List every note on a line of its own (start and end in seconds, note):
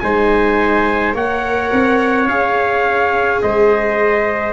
0.00 1.14 G#3
0.00 1.13 D#4
0.00 1.15 C5
0.00 1.13 G#5
1.13 1.71 A#3
1.13 2.26 A#4
1.13 3.42 C#5
1.13 2.28 F#5
1.72 2.27 C4
2.27 3.40 C#4
2.27 4.54 G#4
2.27 3.41 F5
3.42 4.54 G#3
3.42 4.54 C5
3.42 4.54 D#5